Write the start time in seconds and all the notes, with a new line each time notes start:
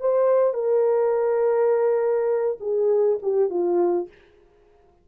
0.00 C5
0.54 A#4
2.60 G#4
3.22 G4
3.50 F4